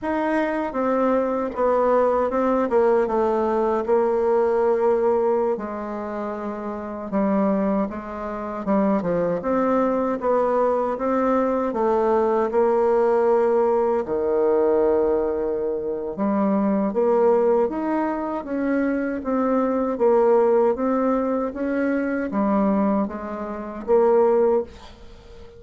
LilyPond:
\new Staff \with { instrumentName = "bassoon" } { \time 4/4 \tempo 4 = 78 dis'4 c'4 b4 c'8 ais8 | a4 ais2~ ais16 gis8.~ | gis4~ gis16 g4 gis4 g8 f16~ | f16 c'4 b4 c'4 a8.~ |
a16 ais2 dis4.~ dis16~ | dis4 g4 ais4 dis'4 | cis'4 c'4 ais4 c'4 | cis'4 g4 gis4 ais4 | }